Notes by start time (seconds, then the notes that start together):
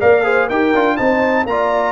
0.00 A#3 A#4 D5 F5
0.23 G#4 C5
0.48 D#4 G4 A#4 G5
0.74 D4 F4
0.97 C4 D#4 C5 A5
1.45 A#3 F4 D5 A#5